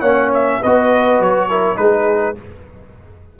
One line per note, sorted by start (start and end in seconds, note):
0.00 0.61 A#3
0.00 0.62 C#4
0.00 0.59 C#5
0.00 0.31 F#5
0.34 0.63 E5
0.62 1.20 B3
0.62 1.50 F#4
0.62 1.50 B4
0.62 1.22 D#5
1.20 1.78 F#3
1.20 1.78 C#5
1.50 1.77 E4
1.50 1.79 A#4
1.77 2.37 G#3
1.77 2.36 D#4
1.77 2.40 G#4
1.77 2.36 B4